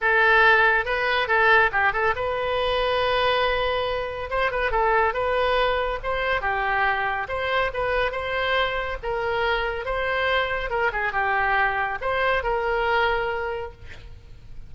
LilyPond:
\new Staff \with { instrumentName = "oboe" } { \time 4/4 \tempo 4 = 140 a'2 b'4 a'4 | g'8 a'8 b'2.~ | b'2 c''8 b'8 a'4 | b'2 c''4 g'4~ |
g'4 c''4 b'4 c''4~ | c''4 ais'2 c''4~ | c''4 ais'8 gis'8 g'2 | c''4 ais'2. | }